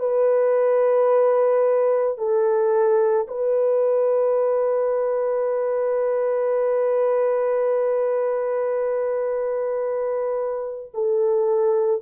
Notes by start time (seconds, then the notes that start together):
0.00 B4
2.18 A4
3.28 B4
10.94 A4